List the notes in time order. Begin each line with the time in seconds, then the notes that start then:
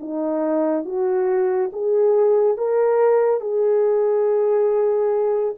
0.00 D#4
0.85 F#4
1.72 G#4
2.58 A#4
3.41 G#4